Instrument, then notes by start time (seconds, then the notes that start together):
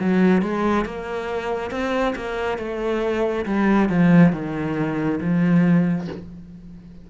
cello
0.00 F#3
0.42 G#3
0.85 A#3
1.71 C4
2.16 A#3
2.58 A3
3.46 G3
3.89 F3
4.33 D#3
5.21 F3